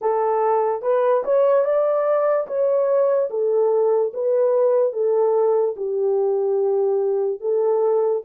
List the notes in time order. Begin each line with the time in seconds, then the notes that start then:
0.01 A4
0.82 B4
1.24 C#5
1.64 D5
2.47 C#5
3.30 A4
4.13 B4
4.92 A4
5.76 G4
7.40 A4